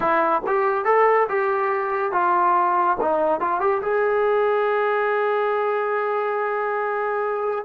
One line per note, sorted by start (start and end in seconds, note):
0.00 0.42 E4
0.46 0.85 G4
0.85 1.27 A4
1.28 2.12 G4
2.12 2.97 F4
3.01 3.40 D#4
3.40 3.60 F4
3.60 3.81 G4
3.82 7.65 G#4